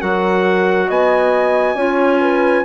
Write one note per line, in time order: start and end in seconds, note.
0.00 0.90 F#3
0.00 1.76 F#4
0.00 0.88 A#4
0.00 0.90 F#5
0.88 1.75 B3
0.88 1.76 D#5
0.88 2.65 G#5
1.75 2.63 C#4
1.75 2.65 F4
1.75 2.20 C#5
2.21 2.65 B4